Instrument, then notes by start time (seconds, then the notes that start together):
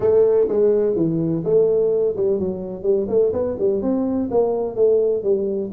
tuba
0.00 A3
0.48 G#3
0.95 E3
1.44 A3
2.16 G3
2.39 F#3
2.82 G3
3.08 A3
3.32 B3
3.59 G3
3.82 C4
4.30 A#3
4.75 A3
5.23 G3